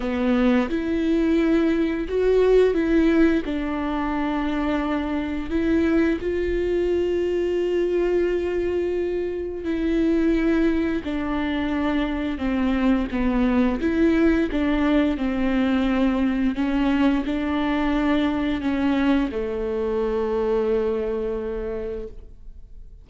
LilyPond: \new Staff \with { instrumentName = "viola" } { \time 4/4 \tempo 4 = 87 b4 e'2 fis'4 | e'4 d'2. | e'4 f'2.~ | f'2 e'2 |
d'2 c'4 b4 | e'4 d'4 c'2 | cis'4 d'2 cis'4 | a1 | }